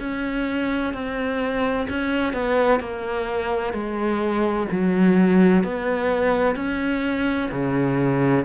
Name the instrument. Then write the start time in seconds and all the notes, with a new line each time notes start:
cello
0.00 C#4
0.94 C4
1.89 C#4
2.34 B3
2.80 A#3
3.73 G#3
4.72 F#3
5.64 B3
6.56 C#4
7.51 C#3